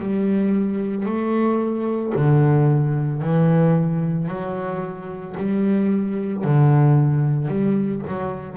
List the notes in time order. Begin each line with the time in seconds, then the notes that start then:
0.00 G3
1.06 A3
2.15 D3
3.22 E3
4.29 F#3
5.38 G3
6.44 D3
7.49 G3
8.07 F#3